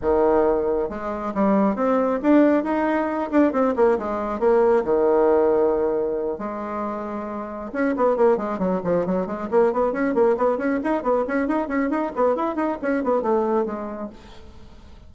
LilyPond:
\new Staff \with { instrumentName = "bassoon" } { \time 4/4 \tempo 4 = 136 dis2 gis4 g4 | c'4 d'4 dis'4. d'8 | c'8 ais8 gis4 ais4 dis4~ | dis2~ dis8 gis4.~ |
gis4. cis'8 b8 ais8 gis8 fis8 | f8 fis8 gis8 ais8 b8 cis'8 ais8 b8 | cis'8 dis'8 b8 cis'8 dis'8 cis'8 dis'8 b8 | e'8 dis'8 cis'8 b8 a4 gis4 | }